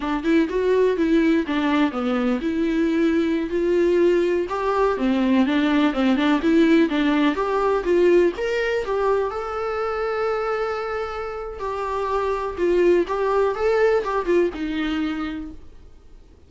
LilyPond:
\new Staff \with { instrumentName = "viola" } { \time 4/4 \tempo 4 = 124 d'8 e'8 fis'4 e'4 d'4 | b4 e'2~ e'16 f'8.~ | f'4~ f'16 g'4 c'4 d'8.~ | d'16 c'8 d'8 e'4 d'4 g'8.~ |
g'16 f'4 ais'4 g'4 a'8.~ | a'1 | g'2 f'4 g'4 | a'4 g'8 f'8 dis'2 | }